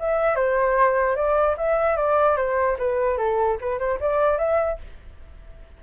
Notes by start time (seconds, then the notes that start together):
0.00 E5
0.36 C5
1.16 D5
1.58 E5
1.97 D5
2.37 C5
2.79 B4
3.18 A4
3.61 B4
3.79 C5
4.01 D5
4.39 E5